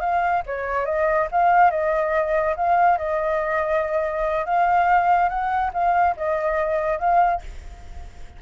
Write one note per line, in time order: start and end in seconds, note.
0.00 0.42 F5
0.46 0.85 C#5
0.85 1.28 D#5
1.31 1.71 F5
1.71 2.55 D#5
2.56 2.98 F5
2.98 4.45 D#5
4.45 5.29 F5
5.29 5.71 F#5
5.73 6.15 F5
6.17 6.99 D#5
6.99 7.41 F5